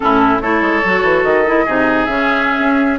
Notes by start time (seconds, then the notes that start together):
0.00 A2 C#4 E4 A4
0.40 A3 E4 A4 C#5
0.61 G#3
0.84 F#3 F#4
1.02 E3
1.23 D#3 D#5
1.45 E4
1.65 C3 D#4 G#4
2.05 C#3 C#4 E5
2.58 C#4